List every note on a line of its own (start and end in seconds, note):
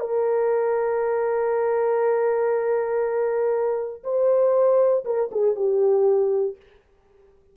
0.00 4.03 A#4
4.04 5.04 C5
5.05 5.30 A#4
5.32 5.56 G#4
5.56 6.57 G4